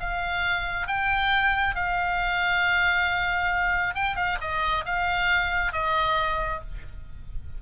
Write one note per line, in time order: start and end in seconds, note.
0.00 0.87 F5
0.87 1.75 G5
1.75 3.95 F5
3.95 4.16 G5
4.16 4.38 F5
4.41 4.85 D#5
4.85 5.72 F5
5.72 6.61 D#5